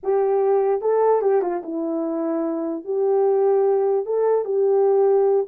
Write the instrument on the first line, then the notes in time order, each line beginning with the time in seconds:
horn
0.03 G4
0.81 A4
1.21 G4
1.41 F4
1.63 E4
2.84 G4
4.05 A4
4.44 G4